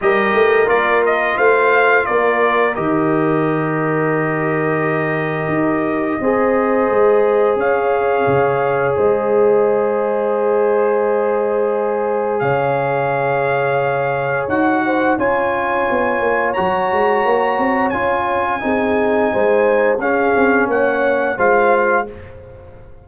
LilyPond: <<
  \new Staff \with { instrumentName = "trumpet" } { \time 4/4 \tempo 4 = 87 dis''4 d''8 dis''8 f''4 d''4 | dis''1~ | dis''2. f''4~ | f''4 dis''2.~ |
dis''2 f''2~ | f''4 fis''4 gis''2 | ais''2 gis''2~ | gis''4 f''4 fis''4 f''4 | }
  \new Staff \with { instrumentName = "horn" } { \time 4/4 ais'2 c''4 ais'4~ | ais'1~ | ais'4 c''2 cis''4~ | cis''4 c''2.~ |
c''2 cis''2~ | cis''4. c''8 cis''2~ | cis''2. gis'4 | c''4 gis'4 cis''4 c''4 | }
  \new Staff \with { instrumentName = "trombone" } { \time 4/4 g'4 f'2. | g'1~ | g'4 gis'2.~ | gis'1~ |
gis'1~ | gis'4 fis'4 f'2 | fis'2 f'4 dis'4~ | dis'4 cis'2 f'4 | }
  \new Staff \with { instrumentName = "tuba" } { \time 4/4 g8 a8 ais4 a4 ais4 | dis1 | dis'4 c'4 gis4 cis'4 | cis4 gis2.~ |
gis2 cis2~ | cis4 dis'4 cis'4 b8 ais8 | fis8 gis8 ais8 c'8 cis'4 c'4 | gis4 cis'8 c'8 ais4 gis4 | }
>>